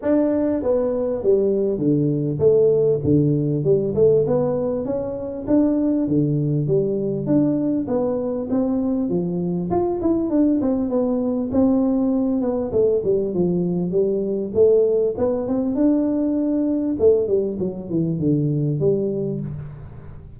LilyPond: \new Staff \with { instrumentName = "tuba" } { \time 4/4 \tempo 4 = 99 d'4 b4 g4 d4 | a4 d4 g8 a8 b4 | cis'4 d'4 d4 g4 | d'4 b4 c'4 f4 |
f'8 e'8 d'8 c'8 b4 c'4~ | c'8 b8 a8 g8 f4 g4 | a4 b8 c'8 d'2 | a8 g8 fis8 e8 d4 g4 | }